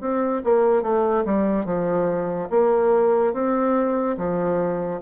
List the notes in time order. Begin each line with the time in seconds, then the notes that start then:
0.00 C4
0.44 A#3
0.82 A3
1.25 G3
1.65 F3
2.50 A#3
3.33 C4
4.17 F3